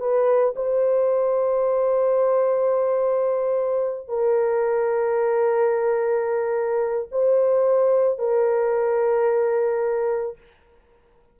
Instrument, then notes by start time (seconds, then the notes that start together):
horn
0.00 B4
0.56 C5
4.08 A#4
7.12 C5
8.19 A#4